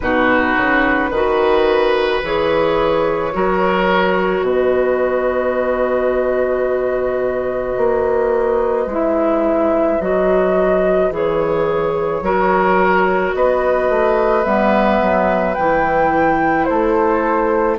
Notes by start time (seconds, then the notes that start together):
0.00 B2 D#4 F#4 B4
0.57 C#3
1.10 D#3 F#4 B4
2.23 E3 G#4 C#5
3.32 F#3 F#4 A#4
4.41 B2 B4 D#5
7.77 A#3
8.86 G#3 E4 E5
10.00 F#3 F#4 D#5
11.10 E3 G#4 C#5
12.21 F#3 F#4 A#4
13.33 B3 B4 D#5
13.89 A3
14.44 G3 B3 E5
15.01 F#3
15.54 E3 E4 G5
16.64 A3 A4 C5